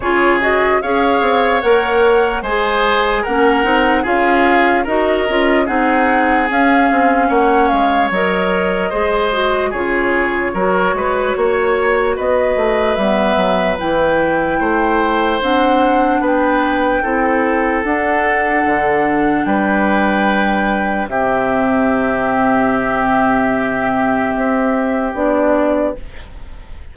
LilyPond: <<
  \new Staff \with { instrumentName = "flute" } { \time 4/4 \tempo 4 = 74 cis''8 dis''8 f''4 fis''4 gis''4 | fis''4 f''4 dis''4 fis''4 | f''4 fis''8 f''8 dis''2 | cis''2. dis''4 |
e''4 g''2 fis''4 | g''2 fis''2 | g''2 e''2~ | e''2. d''4 | }
  \new Staff \with { instrumentName = "oboe" } { \time 4/4 gis'4 cis''2 c''4 | ais'4 gis'4 ais'4 gis'4~ | gis'4 cis''2 c''4 | gis'4 ais'8 b'8 cis''4 b'4~ |
b'2 c''2 | b'4 a'2. | b'2 g'2~ | g'1 | }
  \new Staff \with { instrumentName = "clarinet" } { \time 4/4 f'8 fis'8 gis'4 ais'4 gis'4 | cis'8 dis'8 f'4 fis'8 f'8 dis'4 | cis'2 ais'4 gis'8 fis'8 | f'4 fis'2. |
b4 e'2 d'4~ | d'4 e'4 d'2~ | d'2 c'2~ | c'2. d'4 | }
  \new Staff \with { instrumentName = "bassoon" } { \time 4/4 cis4 cis'8 c'8 ais4 gis4 | ais8 c'8 cis'4 dis'8 cis'8 c'4 | cis'8 c'8 ais8 gis8 fis4 gis4 | cis4 fis8 gis8 ais4 b8 a8 |
g8 fis8 e4 a4 c'4 | b4 c'4 d'4 d4 | g2 c2~ | c2 c'4 b4 | }
>>